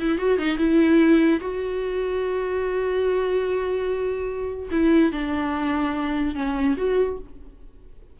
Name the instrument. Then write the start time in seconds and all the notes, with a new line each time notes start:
viola
0.00 E4
0.18 F#4
0.38 D#4
0.58 E4
1.40 F#4
4.71 E4
5.12 D4
6.35 C#4
6.77 F#4